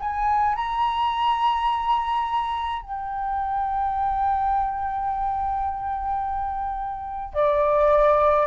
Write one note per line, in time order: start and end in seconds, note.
0.00 0.56 G#5
0.56 2.83 A#5
2.83 7.34 G5
7.34 8.48 D5